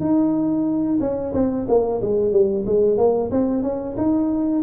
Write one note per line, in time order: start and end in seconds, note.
0.00 0.99 D#4
1.00 1.33 C#4
1.33 1.66 C4
1.68 2.01 A#3
2.01 2.32 G#3
2.32 2.65 G3
2.66 2.97 G#3
2.97 3.30 A#3
3.31 3.63 C4
3.63 3.96 C#4
3.97 4.62 D#4